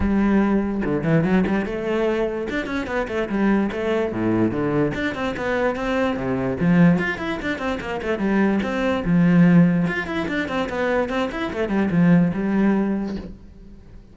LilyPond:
\new Staff \with { instrumentName = "cello" } { \time 4/4 \tempo 4 = 146 g2 d8 e8 fis8 g8 | a2 d'8 cis'8 b8 a8 | g4 a4 a,4 d4 | d'8 c'8 b4 c'4 c4 |
f4 f'8 e'8 d'8 c'8 ais8 a8 | g4 c'4 f2 | f'8 e'8 d'8 c'8 b4 c'8 e'8 | a8 g8 f4 g2 | }